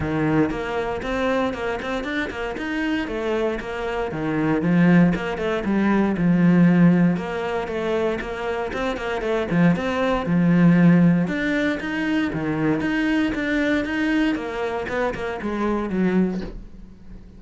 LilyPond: \new Staff \with { instrumentName = "cello" } { \time 4/4 \tempo 4 = 117 dis4 ais4 c'4 ais8 c'8 | d'8 ais8 dis'4 a4 ais4 | dis4 f4 ais8 a8 g4 | f2 ais4 a4 |
ais4 c'8 ais8 a8 f8 c'4 | f2 d'4 dis'4 | dis4 dis'4 d'4 dis'4 | ais4 b8 ais8 gis4 fis4 | }